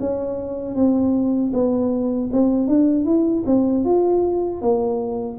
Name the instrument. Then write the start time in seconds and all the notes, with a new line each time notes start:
tuba
0.00 C#4
0.75 C4
1.53 B3
2.33 C4
2.67 D4
3.05 E4
3.46 C4
3.85 F4
4.61 A#3